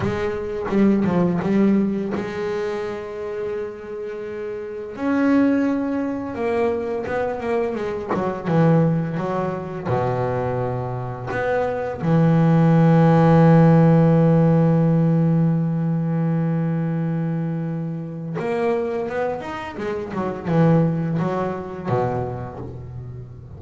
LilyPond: \new Staff \with { instrumentName = "double bass" } { \time 4/4 \tempo 4 = 85 gis4 g8 f8 g4 gis4~ | gis2. cis'4~ | cis'4 ais4 b8 ais8 gis8 fis8 | e4 fis4 b,2 |
b4 e2.~ | e1~ | e2 ais4 b8 dis'8 | gis8 fis8 e4 fis4 b,4 | }